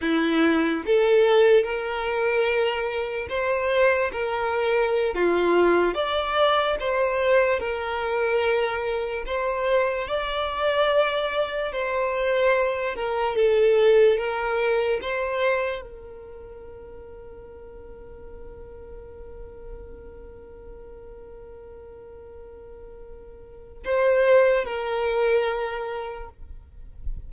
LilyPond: \new Staff \with { instrumentName = "violin" } { \time 4/4 \tempo 4 = 73 e'4 a'4 ais'2 | c''4 ais'4~ ais'16 f'4 d''8.~ | d''16 c''4 ais'2 c''8.~ | c''16 d''2 c''4. ais'16~ |
ais'16 a'4 ais'4 c''4 ais'8.~ | ais'1~ | ais'1~ | ais'4 c''4 ais'2 | }